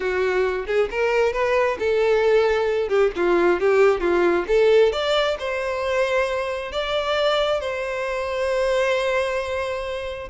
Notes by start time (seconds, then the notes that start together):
0.00 F#4
0.66 G#4
0.91 A#4
1.32 B4
1.79 A4
2.89 G4
3.16 F4
3.60 G4
4.00 F4
4.47 A4
4.92 D5
5.39 C5
6.71 D5
7.60 C5